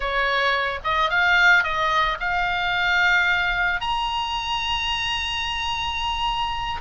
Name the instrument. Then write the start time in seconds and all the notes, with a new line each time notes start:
oboe
0.00 C#5
0.84 D#5
1.10 F5
1.63 D#5
2.20 F5
3.81 A#5